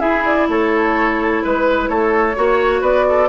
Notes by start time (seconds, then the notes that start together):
0.00 E4 G#4 E5
0.25 D5
0.49 A3 A4 C#5
1.43 G#3 B4
1.89 A3 A4 C#5
2.36 A#3 F#4 C#5
2.82 B3 B4 D5
3.09 A4